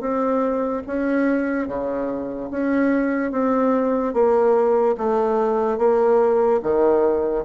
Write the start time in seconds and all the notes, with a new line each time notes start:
0.00 C4
0.86 C#4
1.67 C#3
2.50 C#4
3.31 C4
4.13 A#3
4.97 A3
5.78 A#3
6.62 D#3